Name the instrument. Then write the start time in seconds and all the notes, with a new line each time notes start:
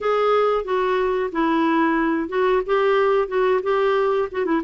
clarinet
0.00 G#4
0.64 F#4
1.32 E4
2.29 F#4
2.66 G4
3.28 F#4
3.62 G4
4.31 F#4
4.45 E4